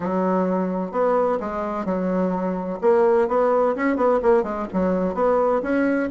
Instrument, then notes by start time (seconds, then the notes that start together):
bassoon
0.00 F#3
0.91 B3
1.40 G#3
1.85 F#3
2.81 A#3
3.28 B3
3.75 C#4
3.96 B3
4.22 A#3
4.43 G#3
4.73 F#3
5.14 B3
5.62 C#4